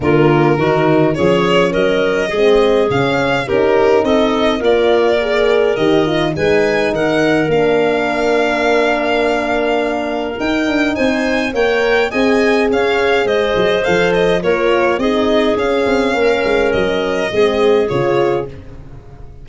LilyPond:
<<
  \new Staff \with { instrumentName = "violin" } { \time 4/4 \tempo 4 = 104 ais'2 cis''4 dis''4~ | dis''4 f''4 ais'4 dis''4 | d''2 dis''4 gis''4 | fis''4 f''2.~ |
f''2 g''4 gis''4 | g''4 gis''4 f''4 dis''4 | f''8 dis''8 cis''4 dis''4 f''4~ | f''4 dis''2 cis''4 | }
  \new Staff \with { instrumentName = "clarinet" } { \time 4/4 f'4 fis'4 gis'4 ais'4 | gis'2 g'4 a'4 | ais'2. b'4 | ais'1~ |
ais'2. c''4 | cis''4 dis''4 cis''4 c''4~ | c''4 ais'4 gis'2 | ais'2 gis'2 | }
  \new Staff \with { instrumentName = "horn" } { \time 4/4 ais4 dis'4 cis'2 | c'4 cis'4 dis'2 | f'4 gis'4 g'8 f'8 dis'4~ | dis'4 d'2.~ |
d'2 dis'2 | ais'4 gis'2. | a'4 f'4 dis'4 cis'4~ | cis'2 c'4 f'4 | }
  \new Staff \with { instrumentName = "tuba" } { \time 4/4 d4 dis4 f4 fis4 | gis4 cis4 cis'4 c'4 | ais2 dis4 gis4 | dis4 ais2.~ |
ais2 dis'8 d'8 c'4 | ais4 c'4 cis'4 gis8 fis8 | f4 ais4 c'4 cis'8 c'8 | ais8 gis8 fis4 gis4 cis4 | }
>>